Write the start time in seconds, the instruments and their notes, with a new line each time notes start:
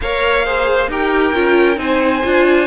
0.01 cello A#3, viola A#4, violin C#5 F5
0.44 viola G#4, violin C5
0.87 cello D#4, viola G4, violin A#4 G5
1.33 cello C#4, viola F4
1.76 cello C4, viola D#4, violin C5 G#5
2.24 cello D4, viola F4